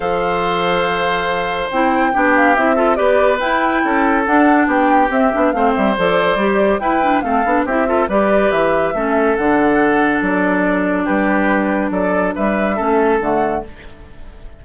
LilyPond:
<<
  \new Staff \with { instrumentName = "flute" } { \time 4/4 \tempo 4 = 141 f''1 | g''4. f''8 e''4 d''4 | g''2 fis''4 g''4 | e''4 f''8 e''8 d''2 |
g''4 f''4 e''4 d''4 | e''2 fis''2 | d''2 b'2 | d''4 e''2 fis''4 | }
  \new Staff \with { instrumentName = "oboe" } { \time 4/4 c''1~ | c''4 g'4. a'8 b'4~ | b'4 a'2 g'4~ | g'4 c''2. |
b'4 a'4 g'8 a'8 b'4~ | b'4 a'2.~ | a'2 g'2 | a'4 b'4 a'2 | }
  \new Staff \with { instrumentName = "clarinet" } { \time 4/4 a'1 | e'4 d'4 e'8 f'8 g'4 | e'2 d'2 | c'8 d'8 c'4 a'4 g'4 |
e'8 d'8 c'8 d'8 e'8 f'8 g'4~ | g'4 cis'4 d'2~ | d'1~ | d'2 cis'4 a4 | }
  \new Staff \with { instrumentName = "bassoon" } { \time 4/4 f1 | c'4 b4 c'4 b4 | e'4 cis'4 d'4 b4 | c'8 b8 a8 g8 f4 g4 |
e'4 a8 b8 c'4 g4 | e4 a4 d2 | fis2 g2 | fis4 g4 a4 d4 | }
>>